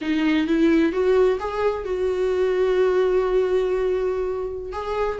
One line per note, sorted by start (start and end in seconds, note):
0.01 0.47 D#4
0.47 0.92 E4
0.92 1.38 F#4
1.39 1.84 G#4
1.84 4.72 F#4
4.72 5.18 G#4